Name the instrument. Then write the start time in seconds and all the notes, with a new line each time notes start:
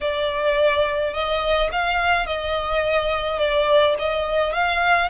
violin
0.01 D5
1.13 D#5
1.72 F5
2.26 D#5
3.38 D5
3.98 D#5
4.53 F5